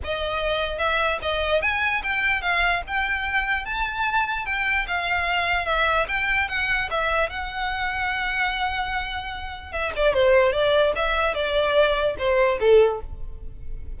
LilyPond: \new Staff \with { instrumentName = "violin" } { \time 4/4 \tempo 4 = 148 dis''2 e''4 dis''4 | gis''4 g''4 f''4 g''4~ | g''4 a''2 g''4 | f''2 e''4 g''4 |
fis''4 e''4 fis''2~ | fis''1 | e''8 d''8 c''4 d''4 e''4 | d''2 c''4 a'4 | }